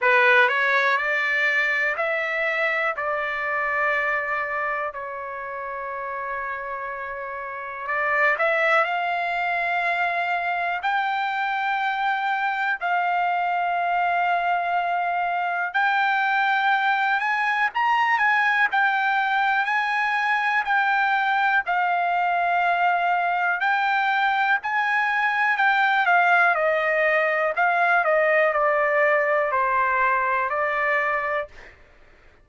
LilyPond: \new Staff \with { instrumentName = "trumpet" } { \time 4/4 \tempo 4 = 61 b'8 cis''8 d''4 e''4 d''4~ | d''4 cis''2. | d''8 e''8 f''2 g''4~ | g''4 f''2. |
g''4. gis''8 ais''8 gis''8 g''4 | gis''4 g''4 f''2 | g''4 gis''4 g''8 f''8 dis''4 | f''8 dis''8 d''4 c''4 d''4 | }